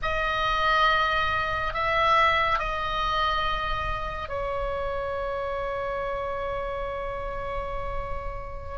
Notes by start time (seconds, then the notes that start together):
0.02 D#5
1.73 E5
2.59 D#5
4.29 C#5